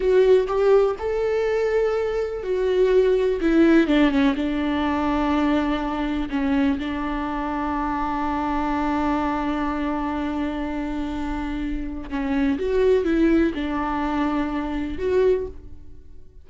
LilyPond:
\new Staff \with { instrumentName = "viola" } { \time 4/4 \tempo 4 = 124 fis'4 g'4 a'2~ | a'4 fis'2 e'4 | d'8 cis'8 d'2.~ | d'4 cis'4 d'2~ |
d'1~ | d'1~ | d'4 cis'4 fis'4 e'4 | d'2. fis'4 | }